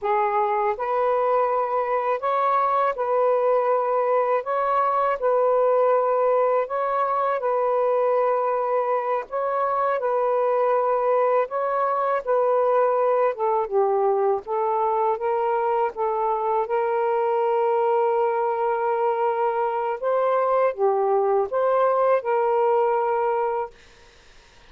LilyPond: \new Staff \with { instrumentName = "saxophone" } { \time 4/4 \tempo 4 = 81 gis'4 b'2 cis''4 | b'2 cis''4 b'4~ | b'4 cis''4 b'2~ | b'8 cis''4 b'2 cis''8~ |
cis''8 b'4. a'8 g'4 a'8~ | a'8 ais'4 a'4 ais'4.~ | ais'2. c''4 | g'4 c''4 ais'2 | }